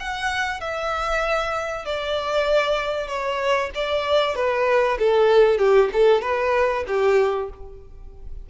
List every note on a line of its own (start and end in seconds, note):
0.00 0.61 F#5
0.61 1.86 E5
1.86 3.08 D5
3.08 3.71 C#5
3.75 4.36 D5
4.36 4.98 B4
4.99 5.59 A4
5.59 5.90 G4
5.93 6.22 A4
6.22 6.85 B4
6.88 7.50 G4